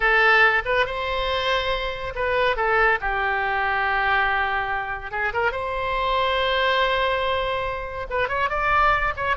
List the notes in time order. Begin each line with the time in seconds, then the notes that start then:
0.00 A4
0.65 B4
0.85 C5
2.15 B4
2.56 A4
3.00 G4
5.11 G#4
5.33 A#4
5.51 C5
8.10 B4
8.28 C#5
8.49 D5
9.16 C#5